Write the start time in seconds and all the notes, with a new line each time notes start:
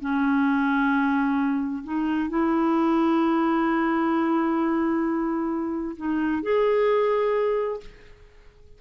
0.00 C#4
1.83 D#4
2.29 E4
5.96 D#4
6.42 G#4